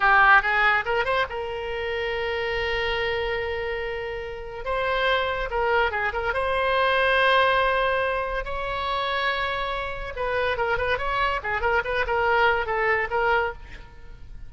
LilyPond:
\new Staff \with { instrumentName = "oboe" } { \time 4/4 \tempo 4 = 142 g'4 gis'4 ais'8 c''8 ais'4~ | ais'1~ | ais'2. c''4~ | c''4 ais'4 gis'8 ais'8 c''4~ |
c''1 | cis''1 | b'4 ais'8 b'8 cis''4 gis'8 ais'8 | b'8 ais'4. a'4 ais'4 | }